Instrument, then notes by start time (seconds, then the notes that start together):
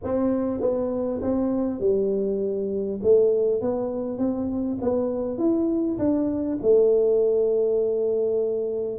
tuba
0.03 C4
0.60 B3
1.21 C4
1.79 G3
3.02 A3
3.61 B3
4.18 C4
4.81 B3
5.38 E4
5.98 D4
6.62 A3